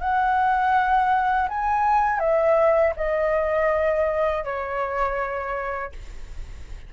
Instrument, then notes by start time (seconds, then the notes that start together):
flute
0.00 F#5
1.48 G#5
2.19 E5
2.96 D#5
4.44 C#5